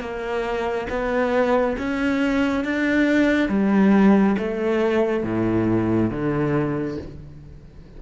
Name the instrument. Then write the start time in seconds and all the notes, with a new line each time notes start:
cello
0.00 A#3
0.89 B3
1.78 C#4
2.64 D4
3.49 G3
4.38 A3
5.23 A2
6.10 D3